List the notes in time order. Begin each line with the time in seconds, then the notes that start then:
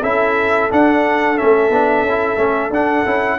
0.00 C#4 E4 A4 E5
0.70 D4 F#5
1.37 A3 C#4 E5
1.69 B3 D4
2.02 C#4
2.09 E4
2.37 A3 C#4
2.70 D4 F#5
3.05 C#4 E4